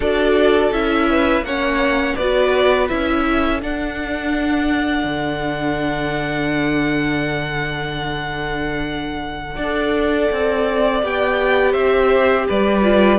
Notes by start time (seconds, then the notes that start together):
0.00 D4 F#4 A4 D5
0.71 C#4 E4 E5
1.09 B4
1.41 A#3 C#4 C#5 F#5
2.15 B3 F#4 B4 D5
2.88 C#4 E4 E5
3.24 A4
3.61 D4 F#5
5.04 D3
9.55 D4 D5
9.63 A4
10.31 C4
11.02 B3 G4 G5
11.72 C4 C5 E5
12.47 G3 B4 D5
12.82 F4